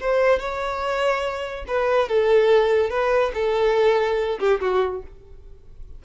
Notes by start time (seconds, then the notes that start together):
0.00 C5
0.39 C#5
1.67 B4
2.08 A4
2.90 B4
3.34 A4
4.39 G4
4.60 F#4